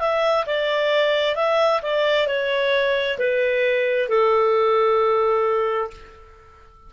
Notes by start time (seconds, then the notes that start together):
0.00 E5
0.47 D5
1.36 E5
1.83 D5
2.27 C#5
3.19 B4
4.09 A4